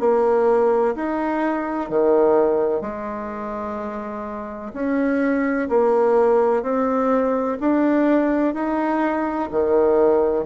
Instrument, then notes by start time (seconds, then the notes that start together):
bassoon
0.00 A#3
0.96 D#4
1.90 D#3
2.82 G#3
4.74 C#4
5.69 A#3
6.63 C4
7.60 D4
8.54 D#4
9.51 D#3